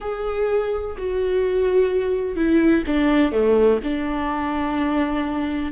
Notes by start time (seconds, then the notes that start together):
0.01 G#4
0.97 F#4
2.36 E4
2.86 D4
3.32 A3
3.83 D4